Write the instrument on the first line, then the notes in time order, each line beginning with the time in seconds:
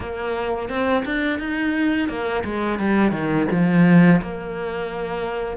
cello
0.00 A#3
0.69 C4
1.05 D4
1.39 D#4
2.08 A#3
2.44 G#3
2.79 G3
3.11 D#3
3.51 F3
4.21 A#3